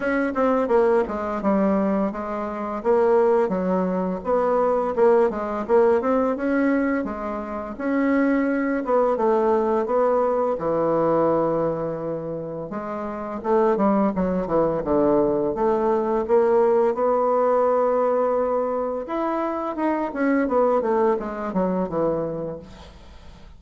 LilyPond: \new Staff \with { instrumentName = "bassoon" } { \time 4/4 \tempo 4 = 85 cis'8 c'8 ais8 gis8 g4 gis4 | ais4 fis4 b4 ais8 gis8 | ais8 c'8 cis'4 gis4 cis'4~ | cis'8 b8 a4 b4 e4~ |
e2 gis4 a8 g8 | fis8 e8 d4 a4 ais4 | b2. e'4 | dis'8 cis'8 b8 a8 gis8 fis8 e4 | }